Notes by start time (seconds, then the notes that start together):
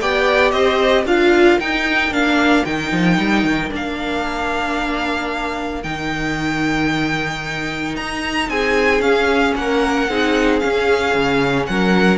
0.00 B3 G4 D5 G5
0.51 C4 C5 D#5
1.03 D4 F4 A#4 F5
1.59 D#4 G5
2.10 A#3 D4 F5
2.64 D#3 D#4 G5
2.92 F3
3.18 G3
3.44 D#3
3.70 A#3 D4 F5
5.83 D#3 D#4 G5
7.96 D#4 A#5
8.49 C4 G#4 G#5
9.00 C#4 F5
9.55 A#3 A#4 F#5
10.09 C4 D#4 G#4
10.59 C#4 F5
11.14 C#3
11.66 F#3 A#4 F#5